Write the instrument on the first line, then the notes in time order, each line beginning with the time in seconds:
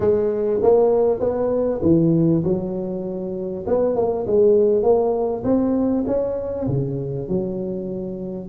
tuba
0.00 G#3
0.62 A#3
1.20 B3
1.82 E3
2.44 F#3
3.66 B3
3.95 A#3
4.26 G#3
4.82 A#3
5.44 C4
6.06 C#4
6.67 C#3
7.28 F#3